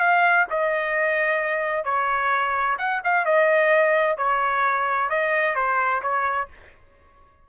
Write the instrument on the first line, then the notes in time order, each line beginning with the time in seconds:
trumpet
0.00 F5
0.50 D#5
1.85 C#5
2.79 F#5
3.04 F5
3.26 D#5
4.18 C#5
5.10 D#5
5.56 C5
6.03 C#5